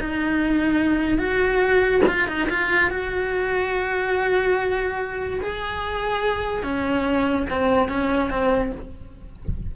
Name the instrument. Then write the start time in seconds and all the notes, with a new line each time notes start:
cello
0.00 D#4
1.18 F#4
2.07 F4
2.28 D#4
2.50 F4
2.90 F#4
5.41 G#4
6.63 C#4
7.50 C4
7.89 C#4
8.30 C4